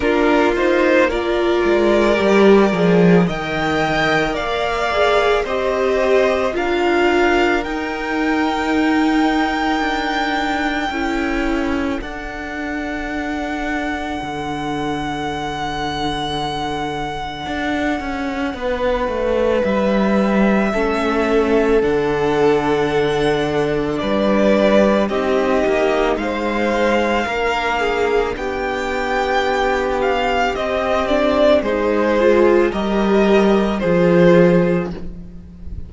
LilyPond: <<
  \new Staff \with { instrumentName = "violin" } { \time 4/4 \tempo 4 = 55 ais'8 c''8 d''2 g''4 | f''4 dis''4 f''4 g''4~ | g''2. fis''4~ | fis''1~ |
fis''2 e''2 | fis''2 d''4 dis''4 | f''2 g''4. f''8 | dis''8 d''8 c''4 dis''4 c''4 | }
  \new Staff \with { instrumentName = "violin" } { \time 4/4 f'4 ais'2 dis''4 | d''4 c''4 ais'2~ | ais'2 a'2~ | a'1~ |
a'4 b'2 a'4~ | a'2 b'4 g'4 | c''4 ais'8 gis'8 g'2~ | g'4 gis'4 ais'4 gis'4 | }
  \new Staff \with { instrumentName = "viola" } { \time 4/4 d'8 dis'8 f'4 g'8 gis'8 ais'4~ | ais'8 gis'8 g'4 f'4 dis'4~ | dis'2 e'4 d'4~ | d'1~ |
d'2. cis'4 | d'2. dis'4~ | dis'4 d'2. | c'8 d'8 dis'8 f'8 g'4 f'4 | }
  \new Staff \with { instrumentName = "cello" } { \time 4/4 ais4. gis8 g8 f8 dis4 | ais4 c'4 d'4 dis'4~ | dis'4 d'4 cis'4 d'4~ | d'4 d2. |
d'8 cis'8 b8 a8 g4 a4 | d2 g4 c'8 ais8 | gis4 ais4 b2 | c'4 gis4 g4 f4 | }
>>